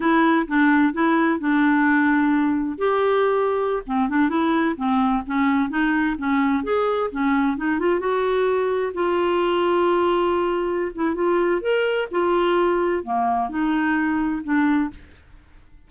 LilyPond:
\new Staff \with { instrumentName = "clarinet" } { \time 4/4 \tempo 4 = 129 e'4 d'4 e'4 d'4~ | d'2 g'2~ | g'16 c'8 d'8 e'4 c'4 cis'8.~ | cis'16 dis'4 cis'4 gis'4 cis'8.~ |
cis'16 dis'8 f'8 fis'2 f'8.~ | f'2.~ f'8 e'8 | f'4 ais'4 f'2 | ais4 dis'2 d'4 | }